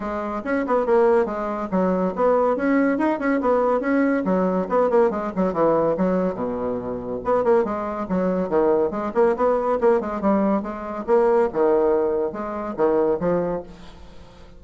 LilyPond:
\new Staff \with { instrumentName = "bassoon" } { \time 4/4 \tempo 4 = 141 gis4 cis'8 b8 ais4 gis4 | fis4 b4 cis'4 dis'8 cis'8 | b4 cis'4 fis4 b8 ais8 | gis8 fis8 e4 fis4 b,4~ |
b,4 b8 ais8 gis4 fis4 | dis4 gis8 ais8 b4 ais8 gis8 | g4 gis4 ais4 dis4~ | dis4 gis4 dis4 f4 | }